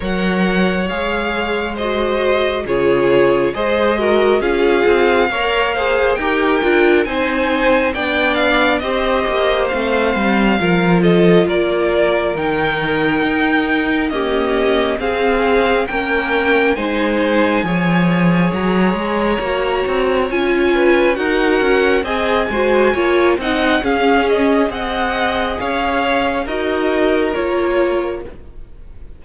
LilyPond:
<<
  \new Staff \with { instrumentName = "violin" } { \time 4/4 \tempo 4 = 68 fis''4 f''4 dis''4 cis''4 | dis''4 f''2 g''4 | gis''4 g''8 f''8 dis''4 f''4~ | f''8 dis''8 d''4 g''2 |
dis''4 f''4 g''4 gis''4~ | gis''4 ais''2 gis''4 | fis''4 gis''4. fis''8 f''8 dis''8 | fis''4 f''4 dis''4 cis''4 | }
  \new Staff \with { instrumentName = "violin" } { \time 4/4 cis''2 c''4 gis'4 | c''8 ais'8 gis'4 cis''8 c''8 ais'4 | c''4 d''4 c''2 | ais'8 a'8 ais'2. |
g'4 gis'4 ais'4 c''4 | cis''2.~ cis''8 b'8 | ais'4 dis''8 c''8 cis''8 dis''8 gis'4 | dis''4 cis''4 ais'2 | }
  \new Staff \with { instrumentName = "viola" } { \time 4/4 ais'4 gis'4 fis'4 f'4 | gis'8 fis'8 f'4 ais'8 gis'8 g'8 f'8 | dis'4 d'4 g'4 c'4 | f'2 dis'2 |
ais4 c'4 cis'4 dis'4 | gis'2 fis'4 f'4 | fis'4 gis'8 fis'8 f'8 dis'8 cis'4 | gis'2 fis'4 f'4 | }
  \new Staff \with { instrumentName = "cello" } { \time 4/4 fis4 gis2 cis4 | gis4 cis'8 c'8 ais4 dis'8 d'8 | c'4 b4 c'8 ais8 a8 g8 | f4 ais4 dis4 dis'4 |
cis'4 c'4 ais4 gis4 | f4 fis8 gis8 ais8 c'8 cis'4 | dis'8 cis'8 c'8 gis8 ais8 c'8 cis'4 | c'4 cis'4 dis'4 ais4 | }
>>